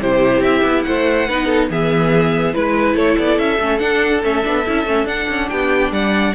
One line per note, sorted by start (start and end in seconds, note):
0.00 0.40 C3
0.00 1.29 E4
0.00 0.87 G4
0.00 0.42 C5
0.40 0.61 C4
0.40 0.83 E5
0.63 0.84 B3
0.83 1.29 A3
0.83 1.28 C5
0.83 1.67 F#5
1.28 1.70 B3
1.28 1.70 D#4
1.28 1.46 B4
1.46 1.67 A4
1.70 2.54 E3
1.70 2.54 B3
1.70 2.55 G#4
1.70 2.54 E5
2.54 2.95 G#3
2.54 3.60 E4
2.54 2.96 B4
2.95 3.16 A3
2.95 5.49 A4
2.95 3.18 C#5
3.18 3.38 B3
3.18 3.39 D5
3.38 3.59 C#4
3.38 3.79 E5
3.60 3.81 A3
3.60 3.79 C#4
3.79 4.21 D4
3.79 4.23 D4
3.79 4.21 F#5
4.23 4.46 A3
4.23 4.43 C#4
4.23 5.07 E5
4.43 4.67 B3
4.43 4.65 D4
4.66 4.86 C#4
4.66 4.87 E4
4.86 5.05 A3
4.86 5.08 C#4
5.05 5.26 D4
5.05 6.35 D4
5.05 5.49 F#5
5.30 5.51 C#4
5.49 5.91 B3
5.49 5.93 G4
5.49 5.91 G5
5.91 6.33 G3
5.91 6.35 D5
5.91 6.35 F#5